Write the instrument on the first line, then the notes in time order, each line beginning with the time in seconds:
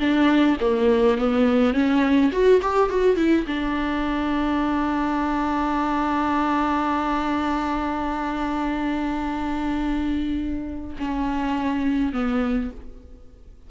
viola
0.00 D4
0.61 A#3
1.18 B3
1.74 C#4
2.32 F#4
2.62 G4
2.90 F#4
3.17 E4
3.47 D4
10.99 C#4
12.13 B3